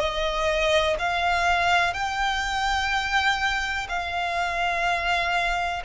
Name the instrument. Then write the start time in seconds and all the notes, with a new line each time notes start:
violin
0.00 D#5
0.99 F5
1.94 G5
3.89 F5